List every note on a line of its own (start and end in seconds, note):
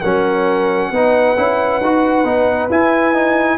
0.00 0.91 F#3
0.00 0.93 C#4
0.00 0.90 A#4
0.00 2.69 F#5
0.91 1.35 B3
0.91 1.36 D#4
0.91 3.57 B4
1.36 1.81 C#4
1.36 1.81 E4
1.81 2.24 D#4
1.81 2.25 F#4
2.24 2.69 B3
2.24 2.70 D#4
2.70 3.57 E4
2.70 3.14 E4
2.70 3.57 G#5
3.14 3.57 D#4